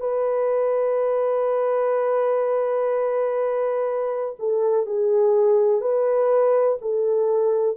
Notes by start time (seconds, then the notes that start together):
0.00 B4
4.39 A4
4.87 G#4
5.81 B4
6.81 A4